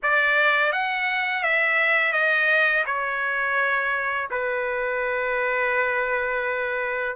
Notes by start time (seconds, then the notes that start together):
0.02 D5
0.72 F#5
1.43 E5
2.12 D#5
2.85 C#5
4.30 B4